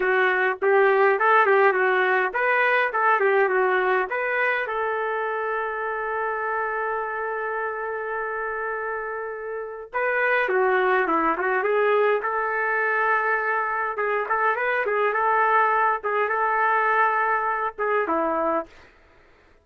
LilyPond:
\new Staff \with { instrumentName = "trumpet" } { \time 4/4 \tempo 4 = 103 fis'4 g'4 a'8 g'8 fis'4 | b'4 a'8 g'8 fis'4 b'4 | a'1~ | a'1~ |
a'4 b'4 fis'4 e'8 fis'8 | gis'4 a'2. | gis'8 a'8 b'8 gis'8 a'4. gis'8 | a'2~ a'8 gis'8 e'4 | }